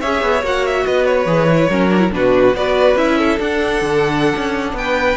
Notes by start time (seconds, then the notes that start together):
0.00 C#4 G#4 C#5 E5
0.22 B3
0.43 A#3 F#4 F#5
0.66 E5
0.86 B3 B4 D#5
1.06 C#5
1.26 E3 G#4
1.50 E4
1.70 F#3 C#4 A#4
1.91 D4
1.99 E4
2.11 B2 D4 F#4 B4
2.54 B3 F#4 B4 D5
2.96 C#4 E4 E5
3.18 A4
3.38 D4 F#5
3.81 D3
4.36 C#4
4.73 B3 G5
4.80 B4